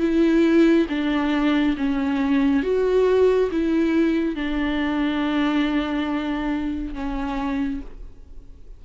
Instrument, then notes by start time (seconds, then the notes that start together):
viola
0.00 E4
0.89 D4
1.77 C#4
2.63 F#4
3.52 E4
4.36 D4
6.94 C#4